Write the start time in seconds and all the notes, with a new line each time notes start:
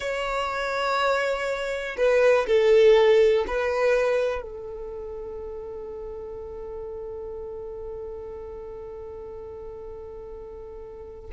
0.00 C#5
1.97 B4
2.47 A4
3.47 B4
4.41 A4